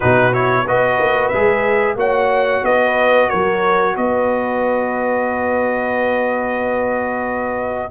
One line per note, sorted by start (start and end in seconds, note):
0.00 0.68 B2
0.00 0.32 D#4
0.00 0.64 F#4
0.00 0.33 B4
0.32 0.65 E4
0.32 0.66 C#5
0.66 0.99 B3
0.66 1.33 F#4
0.66 1.98 B4
0.66 1.28 D#5
0.99 1.32 A#3
1.28 1.95 G#3
1.28 1.97 G#4
1.28 1.94 E5
1.95 2.61 A#3
1.95 7.90 F#4
1.95 2.64 C#5
1.95 2.65 F#5
2.63 3.29 B3
2.63 3.28 B4
2.63 3.29 D#5
3.28 3.96 F#3
3.28 3.94 A#4
3.28 3.95 C#5
3.96 7.90 B3
3.96 7.90 B4
3.96 7.90 D#5